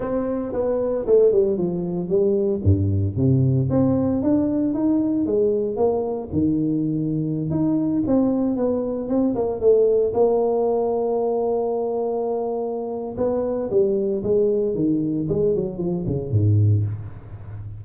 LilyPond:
\new Staff \with { instrumentName = "tuba" } { \time 4/4 \tempo 4 = 114 c'4 b4 a8 g8 f4 | g4 g,4 c4 c'4 | d'4 dis'4 gis4 ais4 | dis2~ dis16 dis'4 c'8.~ |
c'16 b4 c'8 ais8 a4 ais8.~ | ais1~ | ais4 b4 g4 gis4 | dis4 gis8 fis8 f8 cis8 gis,4 | }